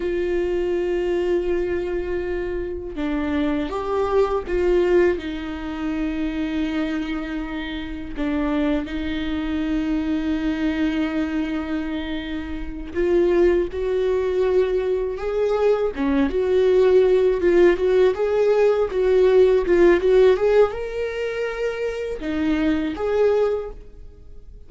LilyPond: \new Staff \with { instrumentName = "viola" } { \time 4/4 \tempo 4 = 81 f'1 | d'4 g'4 f'4 dis'4~ | dis'2. d'4 | dis'1~ |
dis'4. f'4 fis'4.~ | fis'8 gis'4 cis'8 fis'4. f'8 | fis'8 gis'4 fis'4 f'8 fis'8 gis'8 | ais'2 dis'4 gis'4 | }